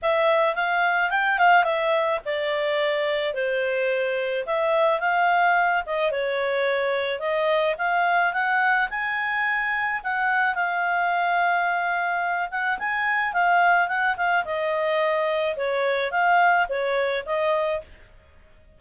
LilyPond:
\new Staff \with { instrumentName = "clarinet" } { \time 4/4 \tempo 4 = 108 e''4 f''4 g''8 f''8 e''4 | d''2 c''2 | e''4 f''4. dis''8 cis''4~ | cis''4 dis''4 f''4 fis''4 |
gis''2 fis''4 f''4~ | f''2~ f''8 fis''8 gis''4 | f''4 fis''8 f''8 dis''2 | cis''4 f''4 cis''4 dis''4 | }